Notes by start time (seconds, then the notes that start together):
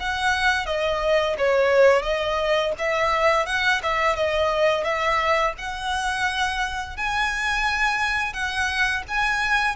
0.00 F#5
0.66 D#5
1.38 C#5
2.03 D#5
2.79 E5
3.47 F#5
3.83 E5
4.16 D#5
4.84 E5
5.58 F#5
6.97 G#5
8.33 F#5
9.09 G#5